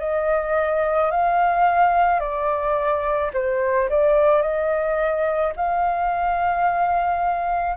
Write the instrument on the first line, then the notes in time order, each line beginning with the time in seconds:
flute
0.00 D#5
1.12 F5
2.20 D5
3.34 C5
3.90 D5
4.42 D#5
5.57 F5